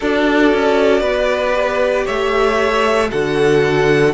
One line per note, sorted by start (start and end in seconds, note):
0.00 0.53 D4
0.00 1.53 F#4
0.00 1.00 A4
0.00 2.06 D5
0.53 1.00 C#4
1.00 2.04 B3
1.00 2.04 B4
1.53 3.08 G4
2.05 3.11 A3
2.05 3.08 C#5
2.05 3.10 E5
3.10 4.14 D3
3.10 4.13 F#4
3.10 4.14 A4
3.10 4.14 F#5